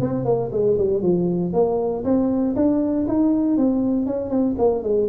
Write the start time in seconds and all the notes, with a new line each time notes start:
0.00 C4
0.25 A#3
0.52 G#3
0.78 G3
1.02 F3
1.53 A#3
2.04 C4
2.56 D4
3.08 D#4
3.57 C4
4.06 C#4
4.30 C4
4.58 A#3
4.83 G#3